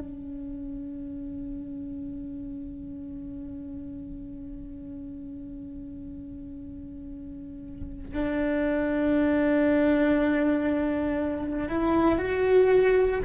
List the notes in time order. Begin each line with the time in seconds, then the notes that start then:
0.00 C#4
8.14 D4
11.69 E4
12.18 F#4